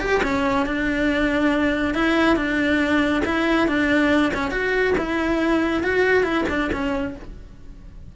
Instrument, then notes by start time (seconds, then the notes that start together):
cello
0.00 G4
0.23 C#4
0.67 D4
1.95 E4
2.37 D4
3.25 E4
3.68 D4
4.34 C#4
4.51 F#4
4.98 E4
5.84 F#4
6.24 E4
6.49 D4
6.73 C#4